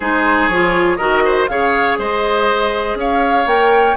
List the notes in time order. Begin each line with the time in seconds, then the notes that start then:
0.00 G#3 D#4 G#4 C5
0.47 F3 F4 C#5
0.96 D#3 F#4 A#4 D#5
1.24 C5
1.47 C#3 G#4 C#5 F5
1.98 G#3 C5 D#5
2.94 C#4 C#5 F5
3.46 A#3 A#4 G5